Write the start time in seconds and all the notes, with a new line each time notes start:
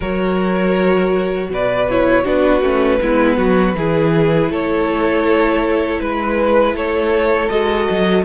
0.00 F#3 F#4 A#4 C#5
1.49 B2 B4 D5
1.89 E4 C#5
2.23 B3 D4 F#4 B4
2.61 A3 C#4
3.01 G#3 B3 E4
3.37 F#3 F#4
3.74 E3 E4 G#4
4.49 A3 A4 C#5
6.00 G#3 B4
6.74 A3 A4 C#5
7.49 G#3 F#4 D#5
7.90 F#3